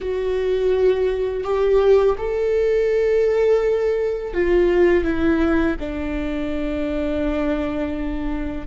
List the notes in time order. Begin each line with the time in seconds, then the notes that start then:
0.00 F#4
1.43 G4
2.18 A4
4.33 F4
5.04 E4
5.79 D4